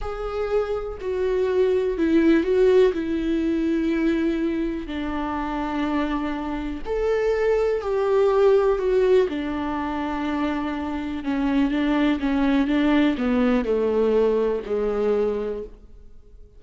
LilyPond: \new Staff \with { instrumentName = "viola" } { \time 4/4 \tempo 4 = 123 gis'2 fis'2 | e'4 fis'4 e'2~ | e'2 d'2~ | d'2 a'2 |
g'2 fis'4 d'4~ | d'2. cis'4 | d'4 cis'4 d'4 b4 | a2 gis2 | }